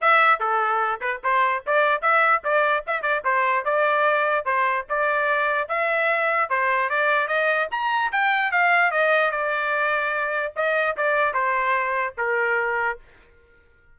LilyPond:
\new Staff \with { instrumentName = "trumpet" } { \time 4/4 \tempo 4 = 148 e''4 a'4. b'8 c''4 | d''4 e''4 d''4 e''8 d''8 | c''4 d''2 c''4 | d''2 e''2 |
c''4 d''4 dis''4 ais''4 | g''4 f''4 dis''4 d''4~ | d''2 dis''4 d''4 | c''2 ais'2 | }